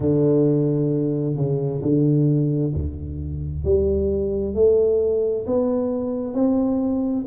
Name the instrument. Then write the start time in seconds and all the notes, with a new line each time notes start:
tuba
0.00 D3
1.36 C#3
1.82 D3
2.74 D2
3.64 G3
4.54 A3
5.46 B3
6.34 C4